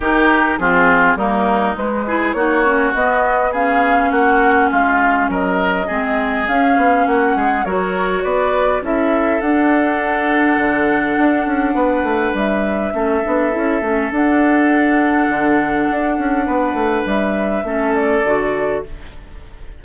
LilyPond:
<<
  \new Staff \with { instrumentName = "flute" } { \time 4/4 \tempo 4 = 102 ais'4 gis'4 ais'4 b'4 | cis''4 dis''4 f''4 fis''4 | f''4 dis''2 f''4 | fis''4 cis''4 d''4 e''4 |
fis''1~ | fis''4 e''2. | fis''1~ | fis''4 e''4. d''4. | }
  \new Staff \with { instrumentName = "oboe" } { \time 4/4 g'4 f'4 dis'4. gis'8 | fis'2 gis'4 fis'4 | f'4 ais'4 gis'2 | fis'8 gis'8 ais'4 b'4 a'4~ |
a'1 | b'2 a'2~ | a'1 | b'2 a'2 | }
  \new Staff \with { instrumentName = "clarinet" } { \time 4/4 dis'4 c'4 ais4 gis8 e'8 | dis'8 cis'8 b4 cis'2~ | cis'2 c'4 cis'4~ | cis'4 fis'2 e'4 |
d'1~ | d'2 cis'8 d'8 e'8 cis'8 | d'1~ | d'2 cis'4 fis'4 | }
  \new Staff \with { instrumentName = "bassoon" } { \time 4/4 dis4 f4 g4 gis4 | ais4 b2 ais4 | gis4 fis4 gis4 cis'8 b8 | ais8 gis8 fis4 b4 cis'4 |
d'2 d4 d'8 cis'8 | b8 a8 g4 a8 b8 cis'8 a8 | d'2 d4 d'8 cis'8 | b8 a8 g4 a4 d4 | }
>>